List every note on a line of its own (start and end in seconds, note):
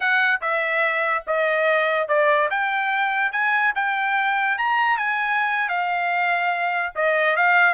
0.00 0.40 F#5
0.41 1.24 E5
1.26 2.08 D#5
2.08 2.49 D5
2.50 3.32 G5
3.32 3.73 G#5
3.75 4.57 G5
4.58 4.97 A#5
4.97 5.68 G#5
5.68 6.93 F5
6.95 7.36 D#5
7.36 7.74 F5